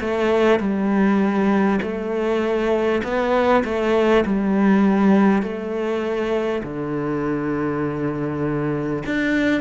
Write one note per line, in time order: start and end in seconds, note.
0.00 0.59 A3
0.59 1.79 G3
1.82 3.02 A3
3.03 3.63 B3
3.64 4.24 A3
4.25 5.42 G3
5.42 6.62 A3
6.63 9.03 D3
9.05 9.61 D4